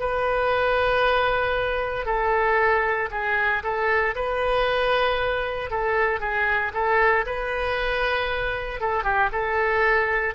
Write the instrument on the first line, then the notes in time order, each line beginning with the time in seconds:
oboe
0.00 B4
2.06 A4
3.11 G#4
3.63 A4
4.16 B4
5.70 A4
6.21 G#4
6.74 A4
7.26 B4
8.81 A4
9.04 G4
9.32 A4